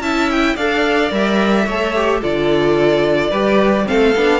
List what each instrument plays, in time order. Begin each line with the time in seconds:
0.00 cello C#4, viola E4, violin E5 A5
0.30 violin G5
0.55 cello D4, viola A4, violin D5 F5
1.10 cello G3, viola A#4, violin E5
1.65 cello A3, viola A4, violin C#5
1.94 viola G4
2.21 cello D3, viola F4, violin A4 D5
3.29 cello G3, viola G4, violin B4
3.85 cello A3, viola C4, violin A4 F5
4.15 cello B3, viola D4